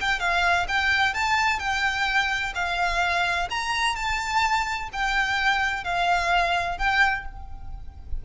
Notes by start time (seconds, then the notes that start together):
0.00 G5
0.20 F5
0.68 G5
1.14 A5
1.59 G5
2.55 F5
3.50 A#5
3.95 A5
4.93 G5
5.84 F5
6.78 G5